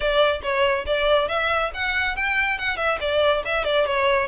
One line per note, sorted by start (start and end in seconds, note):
0.00 0.41 D5
0.42 0.85 C#5
0.86 1.28 D5
1.28 1.71 E5
1.74 2.15 F#5
2.15 2.58 G5
2.58 2.76 F#5
2.76 2.98 E5
3.00 3.43 D5
3.45 3.64 E5
3.64 3.86 D5
3.86 4.27 C#5